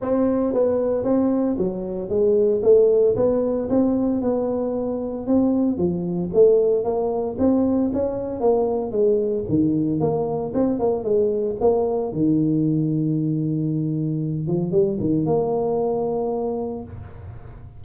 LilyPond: \new Staff \with { instrumentName = "tuba" } { \time 4/4 \tempo 4 = 114 c'4 b4 c'4 fis4 | gis4 a4 b4 c'4 | b2 c'4 f4 | a4 ais4 c'4 cis'4 |
ais4 gis4 dis4 ais4 | c'8 ais8 gis4 ais4 dis4~ | dis2.~ dis8 f8 | g8 dis8 ais2. | }